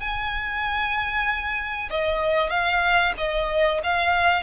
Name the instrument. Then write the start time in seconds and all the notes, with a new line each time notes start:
violin
0.00 G#5
1.90 D#5
2.50 F5
3.18 D#5
3.83 F5